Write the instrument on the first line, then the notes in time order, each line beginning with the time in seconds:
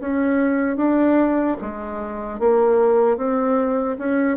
bassoon
0.00 C#4
0.77 D4
1.61 G#3
2.39 A#3
3.17 C4
3.99 C#4